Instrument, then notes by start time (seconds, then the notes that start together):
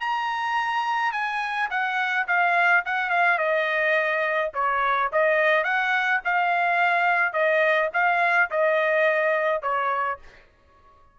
trumpet
0.00 A#5
1.12 G#5
1.70 F#5
2.27 F5
2.85 F#5
3.10 F5
3.38 D#5
4.54 C#5
5.12 D#5
5.64 F#5
6.24 F5
7.33 D#5
7.93 F5
8.50 D#5
9.62 C#5